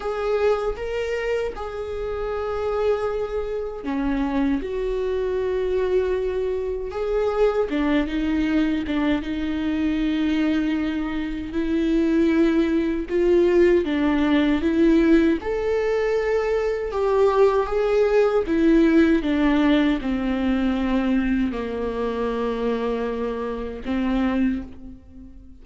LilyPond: \new Staff \with { instrumentName = "viola" } { \time 4/4 \tempo 4 = 78 gis'4 ais'4 gis'2~ | gis'4 cis'4 fis'2~ | fis'4 gis'4 d'8 dis'4 d'8 | dis'2. e'4~ |
e'4 f'4 d'4 e'4 | a'2 g'4 gis'4 | e'4 d'4 c'2 | ais2. c'4 | }